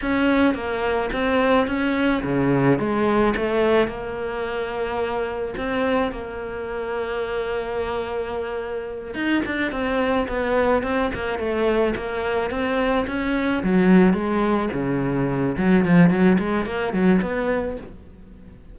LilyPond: \new Staff \with { instrumentName = "cello" } { \time 4/4 \tempo 4 = 108 cis'4 ais4 c'4 cis'4 | cis4 gis4 a4 ais4~ | ais2 c'4 ais4~ | ais1~ |
ais8 dis'8 d'8 c'4 b4 c'8 | ais8 a4 ais4 c'4 cis'8~ | cis'8 fis4 gis4 cis4. | fis8 f8 fis8 gis8 ais8 fis8 b4 | }